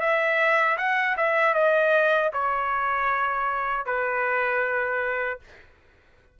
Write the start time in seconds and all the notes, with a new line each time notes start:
0.00 E5
0.77 F#5
1.17 E5
1.54 D#5
2.33 C#5
3.86 B4